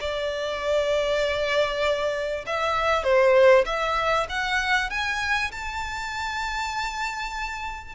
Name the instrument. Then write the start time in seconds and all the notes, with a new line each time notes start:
violin
0.00 D5
2.46 E5
3.03 C5
3.65 E5
4.29 F#5
4.90 G#5
5.51 A5